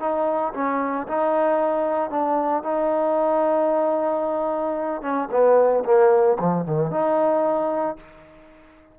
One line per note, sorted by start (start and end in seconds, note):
0.00 0.53 D#4
0.54 1.07 C#4
1.08 2.10 D#4
2.10 2.63 D4
2.63 5.02 D#4
5.02 5.29 C#4
5.31 5.84 B3
5.85 6.38 A#3
6.40 6.65 F3
6.65 6.91 D#3
6.91 7.97 D#4